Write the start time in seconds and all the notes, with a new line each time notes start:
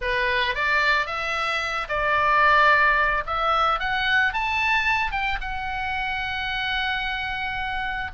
0.01 B4
0.54 D5
1.06 E5
1.88 D5
3.26 E5
3.79 F#5
4.33 A5
5.11 G5
5.41 F#5